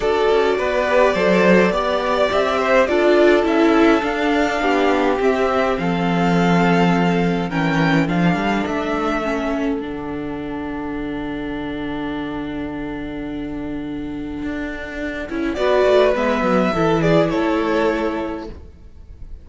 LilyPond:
<<
  \new Staff \with { instrumentName = "violin" } { \time 4/4 \tempo 4 = 104 d''1 | e''4 d''4 e''4 f''4~ | f''4 e''4 f''2~ | f''4 g''4 f''4 e''4~ |
e''4 fis''2.~ | fis''1~ | fis''2. d''4 | e''4. d''8 cis''2 | }
  \new Staff \with { instrumentName = "violin" } { \time 4/4 a'4 b'4 c''4 d''4~ | d''8 c''8 a'2. | g'2 a'2~ | a'4 ais'4 a'2~ |
a'1~ | a'1~ | a'2. b'4~ | b'4 a'8 gis'8 a'2 | }
  \new Staff \with { instrumentName = "viola" } { \time 4/4 fis'4. g'8 a'4 g'4~ | g'4 f'4 e'4 d'4~ | d'4 c'2.~ | c'4 cis'4 d'2 |
cis'4 d'2.~ | d'1~ | d'2~ d'8 e'8 fis'4 | b4 e'2. | }
  \new Staff \with { instrumentName = "cello" } { \time 4/4 d'8 cis'8 b4 fis4 b4 | c'4 d'4 cis'4 d'4 | b4 c'4 f2~ | f4 e4 f8 g8 a4~ |
a4 d2.~ | d1~ | d4 d'4. cis'8 b8 a8 | gis8 fis8 e4 a2 | }
>>